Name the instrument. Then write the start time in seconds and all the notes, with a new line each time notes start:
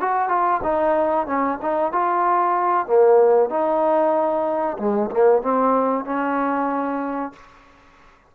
trombone
0.00 F#4
0.29 F4
0.63 D#4
1.27 C#4
1.62 D#4
1.92 F4
2.87 A#3
3.50 D#4
4.78 G#3
5.11 A#3
5.43 C4
6.05 C#4